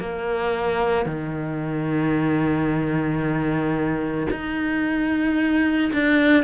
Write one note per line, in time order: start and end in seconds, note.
0.00 1.06 A#3
1.06 4.28 D#3
4.31 5.92 D#4
5.93 6.44 D4